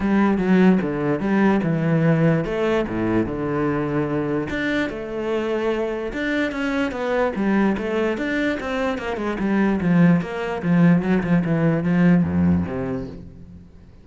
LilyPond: \new Staff \with { instrumentName = "cello" } { \time 4/4 \tempo 4 = 147 g4 fis4 d4 g4 | e2 a4 a,4 | d2. d'4 | a2. d'4 |
cis'4 b4 g4 a4 | d'4 c'4 ais8 gis8 g4 | f4 ais4 f4 fis8 f8 | e4 f4 f,4 c4 | }